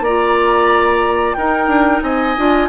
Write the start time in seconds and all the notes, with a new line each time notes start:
0.00 A#3 D5 A#5
0.06 F4
1.33 D#4 A#4 G5
1.67 D4
2.02 C4 D#5 G#5
2.37 D4 F4